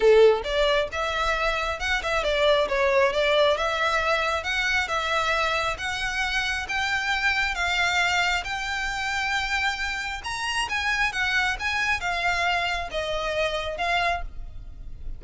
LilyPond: \new Staff \with { instrumentName = "violin" } { \time 4/4 \tempo 4 = 135 a'4 d''4 e''2 | fis''8 e''8 d''4 cis''4 d''4 | e''2 fis''4 e''4~ | e''4 fis''2 g''4~ |
g''4 f''2 g''4~ | g''2. ais''4 | gis''4 fis''4 gis''4 f''4~ | f''4 dis''2 f''4 | }